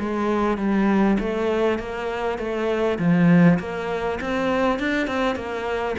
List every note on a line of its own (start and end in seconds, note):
0.00 0.58 G#3
0.58 1.18 G3
1.20 1.79 A3
1.79 2.39 A#3
2.39 2.99 A3
2.99 3.59 F3
3.59 4.19 A#3
4.21 4.80 C4
4.80 5.08 D4
5.08 5.36 C4
5.36 5.96 A#3